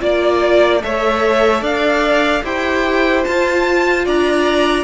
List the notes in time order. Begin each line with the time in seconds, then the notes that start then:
0.00 A#3 F4 D5
0.82 A3 A4 C#5 E5
1.62 D4 D5 F5
2.44 E4 G4 C5 G5
3.24 F4 A5
4.06 D4 D5 A#5